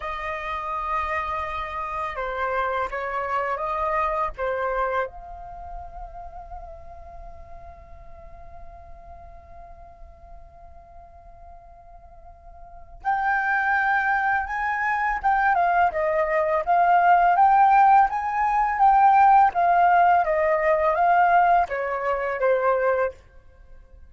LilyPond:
\new Staff \with { instrumentName = "flute" } { \time 4/4 \tempo 4 = 83 dis''2. c''4 | cis''4 dis''4 c''4 f''4~ | f''1~ | f''1~ |
f''2 g''2 | gis''4 g''8 f''8 dis''4 f''4 | g''4 gis''4 g''4 f''4 | dis''4 f''4 cis''4 c''4 | }